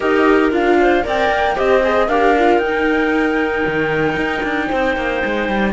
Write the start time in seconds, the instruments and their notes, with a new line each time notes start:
0.00 cello D#4, viola G4, clarinet A#4, flute D#5
0.51 cello D4, viola F4, flute F5
0.81 clarinet C5
1.03 cello C4, viola A#4, clarinet D5, flute G5
1.29 cello A#3
1.55 cello C4, viola G4, clarinet C5, flute D#5
1.83 viola G#4
2.07 cello D4, viola G4, clarinet A#4, flute F5
2.38 viola F4
2.58 cello D#4, flute G5
2.64 viola D#4
3.66 cello D#3
4.16 cello D#4
4.43 cello D4
4.68 cello C4, clarinet C5
4.96 cello A#3
5.24 cello G#3
5.48 cello G3